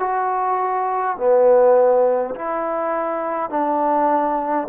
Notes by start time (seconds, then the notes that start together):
0.00 F#4
1.18 B3
2.36 E4
3.51 D4